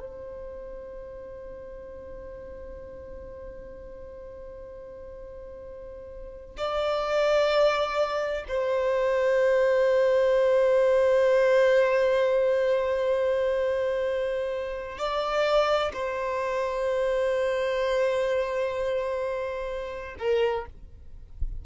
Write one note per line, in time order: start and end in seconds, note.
0.00 6.56 C5
6.58 8.45 D5
8.48 14.98 C5
14.98 15.92 D5
15.93 20.15 C5
20.19 20.65 A#4